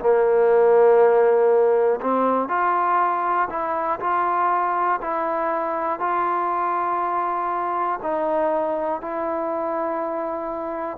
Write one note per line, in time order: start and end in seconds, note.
0.00 2.00 A#3
2.00 2.49 C4
2.49 3.49 F4
3.50 4.00 E4
4.00 5.00 F4
5.01 6.00 E4
6.00 8.00 F4
8.03 9.01 D#4
9.01 10.98 E4